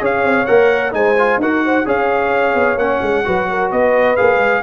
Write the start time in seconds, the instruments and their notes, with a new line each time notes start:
0.00 tuba C#4, trombone G#4, horn C#5, trumpet F5
0.24 tuba C4
0.46 tuba A#3, trombone A#4, trumpet F#5
0.92 tuba G#3, trombone D#4, horn C5, trumpet G#5
1.19 trombone F4
1.38 tuba D#4, trombone F#4, horn A#4, trumpet F#5
1.65 horn C5
1.86 tuba C#4, trombone G#4, horn C#5, trumpet F5
2.55 tuba B3
2.76 tuba A#3, trombone C#4, trumpet F#5
3.02 tuba G#3
3.25 tuba F#3, trombone F#4, horn B4
3.50 horn A#4
3.71 tuba B3, horn B4, trumpet D#5
4.17 tuba A#3, trombone G#4, trumpet F5
4.37 tuba G#3